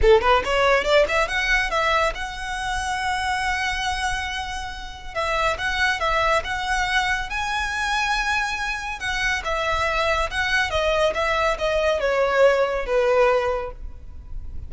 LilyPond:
\new Staff \with { instrumentName = "violin" } { \time 4/4 \tempo 4 = 140 a'8 b'8 cis''4 d''8 e''8 fis''4 | e''4 fis''2.~ | fis''1 | e''4 fis''4 e''4 fis''4~ |
fis''4 gis''2.~ | gis''4 fis''4 e''2 | fis''4 dis''4 e''4 dis''4 | cis''2 b'2 | }